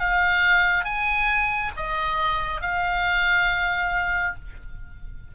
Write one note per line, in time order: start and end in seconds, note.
0.00 0.85 F5
0.85 1.72 G#5
1.77 2.61 D#5
2.61 4.35 F5